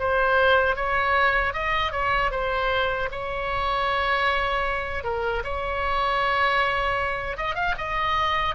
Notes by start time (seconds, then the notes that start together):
0.00 C5
0.76 C#5
1.54 D#5
1.92 C#5
2.32 C5
3.12 C#5
5.04 A#4
5.44 C#5
7.37 D#5
7.55 F5
7.78 D#5